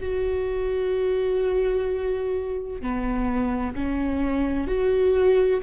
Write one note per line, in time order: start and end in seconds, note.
0.00 2.81 F#4
2.81 3.75 B3
3.75 4.67 C#4
4.67 5.61 F#4